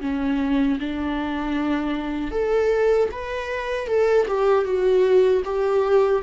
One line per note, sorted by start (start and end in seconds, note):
0.00 0.78 C#4
0.79 2.31 D4
2.31 3.09 A4
3.11 3.87 B4
3.87 4.26 A4
4.28 4.64 G4
4.64 5.42 F#4
5.45 6.22 G4